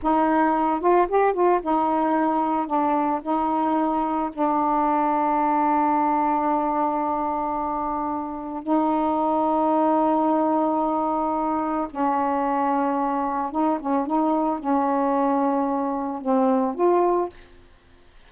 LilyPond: \new Staff \with { instrumentName = "saxophone" } { \time 4/4 \tempo 4 = 111 dis'4. f'8 g'8 f'8 dis'4~ | dis'4 d'4 dis'2 | d'1~ | d'1 |
dis'1~ | dis'2 cis'2~ | cis'4 dis'8 cis'8 dis'4 cis'4~ | cis'2 c'4 f'4 | }